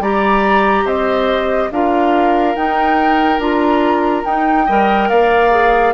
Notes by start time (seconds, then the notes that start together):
0.00 G3 G4 D5 A#5
0.85 C4 C5 D#5
1.71 D4 F4 A#4 F5
2.55 D#4 G5
3.39 D4 F4 A#5
4.25 D#4 G5
4.66 G3 A#4 D#5
5.09 A#3 D5 F5
5.51 G#4